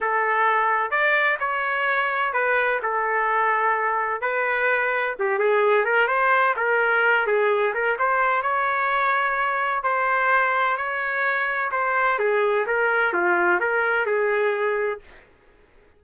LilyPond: \new Staff \with { instrumentName = "trumpet" } { \time 4/4 \tempo 4 = 128 a'2 d''4 cis''4~ | cis''4 b'4 a'2~ | a'4 b'2 g'8 gis'8~ | gis'8 ais'8 c''4 ais'4. gis'8~ |
gis'8 ais'8 c''4 cis''2~ | cis''4 c''2 cis''4~ | cis''4 c''4 gis'4 ais'4 | f'4 ais'4 gis'2 | }